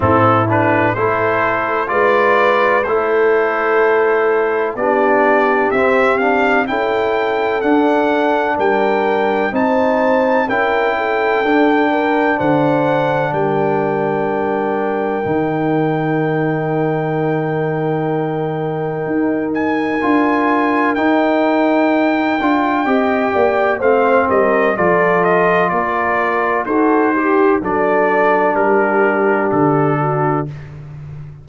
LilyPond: <<
  \new Staff \with { instrumentName = "trumpet" } { \time 4/4 \tempo 4 = 63 a'8 b'8 c''4 d''4 c''4~ | c''4 d''4 e''8 f''8 g''4 | fis''4 g''4 a''4 g''4~ | g''4 fis''4 g''2~ |
g''1~ | g''8 gis''4. g''2~ | g''4 f''8 dis''8 d''8 dis''8 d''4 | c''4 d''4 ais'4 a'4 | }
  \new Staff \with { instrumentName = "horn" } { \time 4/4 e'4 a'4 b'4 a'4~ | a'4 g'2 a'4~ | a'4 ais'4 c''4 ais'8 a'8~ | a'8 ais'8 c''4 ais'2~ |
ais'1~ | ais'1 | dis''8 d''8 c''8 ais'8 a'4 ais'4 | a'8 g'8 a'4 g'4. fis'8 | }
  \new Staff \with { instrumentName = "trombone" } { \time 4/4 c'8 d'8 e'4 f'4 e'4~ | e'4 d'4 c'8 d'8 e'4 | d'2 dis'4 e'4 | d'1 |
dis'1~ | dis'4 f'4 dis'4. f'8 | g'4 c'4 f'2 | fis'8 g'8 d'2. | }
  \new Staff \with { instrumentName = "tuba" } { \time 4/4 a,4 a4 gis4 a4~ | a4 b4 c'4 cis'4 | d'4 g4 c'4 cis'4 | d'4 d4 g2 |
dis1 | dis'4 d'4 dis'4. d'8 | c'8 ais8 a8 g8 f4 ais4 | dis'4 fis4 g4 d4 | }
>>